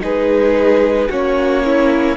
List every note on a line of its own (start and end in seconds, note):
0.00 1.08 G#3
0.00 1.07 D#4
0.00 1.09 G#4
0.00 1.11 B4
1.09 2.16 A#3
1.09 2.17 C#4
1.09 1.62 F#4
1.09 2.17 C#5
1.65 2.17 E4